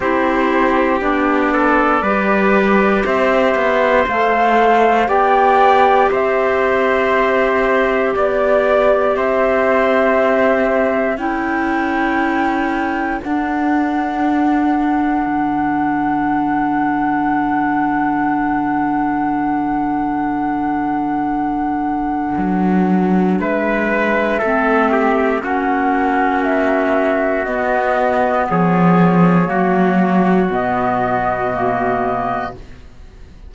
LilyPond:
<<
  \new Staff \with { instrumentName = "flute" } { \time 4/4 \tempo 4 = 59 c''4 d''2 e''4 | f''4 g''4 e''2 | d''4 e''2 g''4~ | g''4 fis''2.~ |
fis''1~ | fis''2. e''4~ | e''4 fis''4 e''4 dis''4 | cis''2 dis''2 | }
  \new Staff \with { instrumentName = "trumpet" } { \time 4/4 g'4. a'8 b'4 c''4~ | c''4 d''4 c''2 | d''4 c''2 a'4~ | a'1~ |
a'1~ | a'2. b'4 | a'8 g'8 fis'2. | gis'4 fis'2. | }
  \new Staff \with { instrumentName = "clarinet" } { \time 4/4 e'4 d'4 g'2 | a'4 g'2.~ | g'2. e'4~ | e'4 d'2.~ |
d'1~ | d'1 | c'4 cis'2 b4~ | b4 ais4 b4 ais4 | }
  \new Staff \with { instrumentName = "cello" } { \time 4/4 c'4 b4 g4 c'8 b8 | a4 b4 c'2 | b4 c'2 cis'4~ | cis'4 d'2 d4~ |
d1~ | d2 fis4 gis4 | a4 ais2 b4 | f4 fis4 b,2 | }
>>